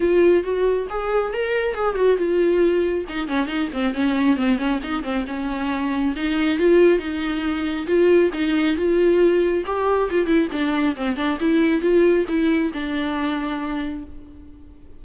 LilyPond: \new Staff \with { instrumentName = "viola" } { \time 4/4 \tempo 4 = 137 f'4 fis'4 gis'4 ais'4 | gis'8 fis'8 f'2 dis'8 cis'8 | dis'8 c'8 cis'4 c'8 cis'8 dis'8 c'8 | cis'2 dis'4 f'4 |
dis'2 f'4 dis'4 | f'2 g'4 f'8 e'8 | d'4 c'8 d'8 e'4 f'4 | e'4 d'2. | }